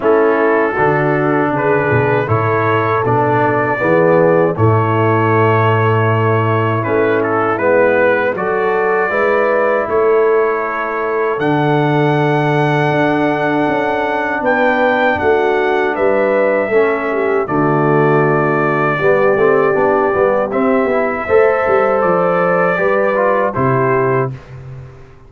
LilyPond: <<
  \new Staff \with { instrumentName = "trumpet" } { \time 4/4 \tempo 4 = 79 a'2 b'4 cis''4 | d''2 cis''2~ | cis''4 b'8 a'8 b'4 d''4~ | d''4 cis''2 fis''4~ |
fis''2. g''4 | fis''4 e''2 d''4~ | d''2. e''4~ | e''4 d''2 c''4 | }
  \new Staff \with { instrumentName = "horn" } { \time 4/4 e'4 fis'4 gis'4 a'4~ | a'4 gis'4 e'2~ | e'2. a'4 | b'4 a'2.~ |
a'2. b'4 | fis'4 b'4 a'8 g'8 fis'4~ | fis'4 g'2. | c''2 b'4 g'4 | }
  \new Staff \with { instrumentName = "trombone" } { \time 4/4 cis'4 d'2 e'4 | d'4 b4 a2~ | a4 cis'4 b4 fis'4 | e'2. d'4~ |
d'1~ | d'2 cis'4 a4~ | a4 b8 c'8 d'8 b8 c'8 e'8 | a'2 g'8 f'8 e'4 | }
  \new Staff \with { instrumentName = "tuba" } { \time 4/4 a4 d4 cis8 b,8 a,4 | b,4 e4 a,2~ | a,4 a4 gis4 fis4 | gis4 a2 d4~ |
d4 d'4 cis'4 b4 | a4 g4 a4 d4~ | d4 g8 a8 b8 g8 c'8 b8 | a8 g8 f4 g4 c4 | }
>>